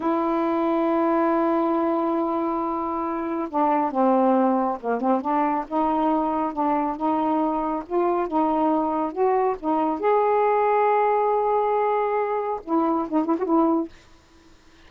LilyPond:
\new Staff \with { instrumentName = "saxophone" } { \time 4/4 \tempo 4 = 138 e'1~ | e'1 | d'4 c'2 ais8 c'8 | d'4 dis'2 d'4 |
dis'2 f'4 dis'4~ | dis'4 fis'4 dis'4 gis'4~ | gis'1~ | gis'4 e'4 dis'8 e'16 fis'16 e'4 | }